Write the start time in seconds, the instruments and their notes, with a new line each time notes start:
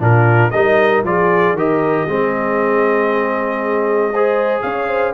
0.00 tuba A#2, trombone D4, horn F4, trumpet A#4
0.51 tuba G3, trombone D#4, horn A#4, trumpet D#5
1.04 tuba F3, trombone F4, horn G#4, trumpet D5
1.53 tuba D#3, trombone G4, horn A#4
1.59 trumpet D#5
2.07 tuba G#3, trombone C4, horn G#4
4.12 trombone G#4, horn C5
4.62 tuba C#4, horn C#5, trumpet F5
4.88 horn C5